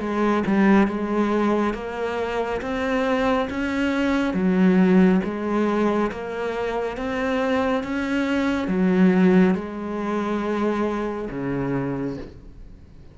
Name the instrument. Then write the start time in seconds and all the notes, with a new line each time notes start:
cello
0.00 G#3
0.47 G3
0.88 G#3
1.74 A#3
2.62 C4
3.50 C#4
4.34 F#3
5.25 G#3
6.11 A#3
6.97 C4
7.84 C#4
8.68 F#3
9.55 G#3
11.30 C#3